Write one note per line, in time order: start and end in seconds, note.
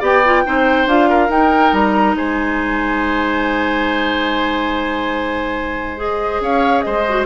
0.00 0.44 B3
0.00 0.23 G4
0.00 0.43 D5
0.00 0.88 G5
0.26 0.45 F4
0.45 0.86 C4
0.45 0.87 D#4
0.45 1.09 C5
0.86 1.29 D4
0.86 1.30 F4
0.86 1.31 F5
1.09 2.16 A#4
1.29 1.71 D#4
1.29 5.97 D#4
1.29 1.74 G5
1.73 2.15 G3
1.73 2.16 A#5
2.15 6.40 G#3
2.15 6.43 C5
2.15 6.00 G#5
5.97 7.03 G#4
5.97 6.42 D#5
6.40 6.83 C#4
6.40 6.85 C#5
6.40 6.82 F5
6.82 7.26 G#3
6.82 7.26 C5
6.82 7.24 D#5
7.09 7.26 F#4